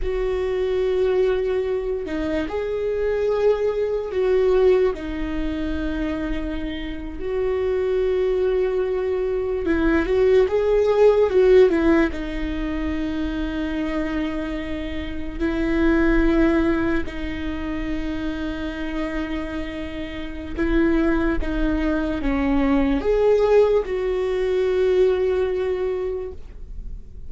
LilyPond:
\new Staff \with { instrumentName = "viola" } { \time 4/4 \tempo 4 = 73 fis'2~ fis'8 dis'8 gis'4~ | gis'4 fis'4 dis'2~ | dis'8. fis'2. e'16~ | e'16 fis'8 gis'4 fis'8 e'8 dis'4~ dis'16~ |
dis'2~ dis'8. e'4~ e'16~ | e'8. dis'2.~ dis'16~ | dis'4 e'4 dis'4 cis'4 | gis'4 fis'2. | }